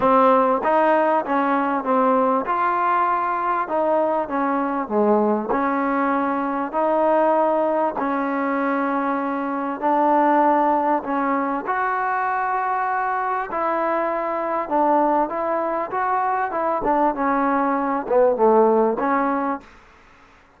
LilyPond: \new Staff \with { instrumentName = "trombone" } { \time 4/4 \tempo 4 = 98 c'4 dis'4 cis'4 c'4 | f'2 dis'4 cis'4 | gis4 cis'2 dis'4~ | dis'4 cis'2. |
d'2 cis'4 fis'4~ | fis'2 e'2 | d'4 e'4 fis'4 e'8 d'8 | cis'4. b8 a4 cis'4 | }